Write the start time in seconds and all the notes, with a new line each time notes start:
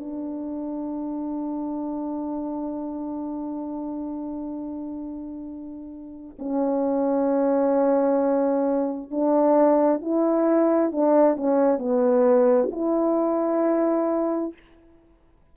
0.00 D4
6.39 C#4
9.11 D4
10.01 E4
10.92 D4
11.37 C#4
11.79 B3
12.71 E4